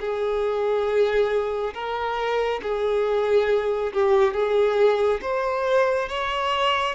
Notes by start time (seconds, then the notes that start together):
0.00 G#4
1.74 A#4
2.62 G#4
3.93 G4
4.34 G#4
5.22 C5
6.09 C#5